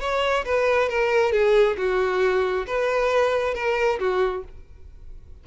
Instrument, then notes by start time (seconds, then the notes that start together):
violin
0.00 C#5
0.45 B4
0.89 A#4
1.32 G#4
1.77 F#4
2.66 B4
3.54 A#4
3.99 F#4